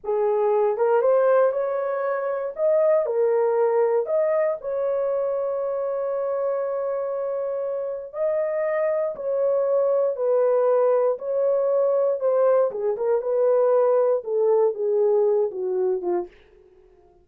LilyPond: \new Staff \with { instrumentName = "horn" } { \time 4/4 \tempo 4 = 118 gis'4. ais'8 c''4 cis''4~ | cis''4 dis''4 ais'2 | dis''4 cis''2.~ | cis''1 |
dis''2 cis''2 | b'2 cis''2 | c''4 gis'8 ais'8 b'2 | a'4 gis'4. fis'4 f'8 | }